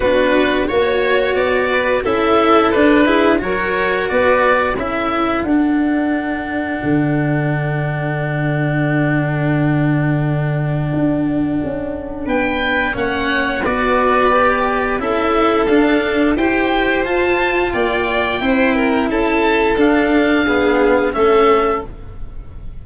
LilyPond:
<<
  \new Staff \with { instrumentName = "oboe" } { \time 4/4 \tempo 4 = 88 b'4 cis''4 d''4 e''4 | b'4 cis''4 d''4 e''4 | fis''1~ | fis''1~ |
fis''2 g''4 fis''4 | d''2 e''4 f''4 | g''4 a''4 g''2 | a''4 f''2 e''4 | }
  \new Staff \with { instrumentName = "violin" } { \time 4/4 fis'4 cis''4. b'8 a'4~ | a'8 gis'8 ais'4 b'4 a'4~ | a'1~ | a'1~ |
a'2 b'4 cis''4 | b'2 a'2 | c''2 d''4 c''8 ais'8 | a'2 gis'4 a'4 | }
  \new Staff \with { instrumentName = "cello" } { \time 4/4 d'4 fis'2 e'4 | d'8 e'8 fis'2 e'4 | d'1~ | d'1~ |
d'2. cis'4 | fis'4 g'4 e'4 d'4 | g'4 f'2 e'4~ | e'4 d'4 b4 cis'4 | }
  \new Staff \with { instrumentName = "tuba" } { \time 4/4 b4 ais4 b4 cis'4 | d'4 fis4 b4 cis'4 | d'2 d2~ | d1 |
d'4 cis'4 b4 ais4 | b2 cis'4 d'4 | e'4 f'4 ais4 c'4 | cis'4 d'2 a4 | }
>>